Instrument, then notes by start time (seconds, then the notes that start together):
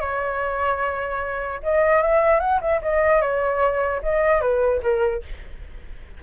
flute
0.00 C#5
1.63 D#5
2.02 E5
2.40 F#5
2.61 E5
2.82 D#5
3.21 C#5
4.02 D#5
4.41 B4
4.82 A#4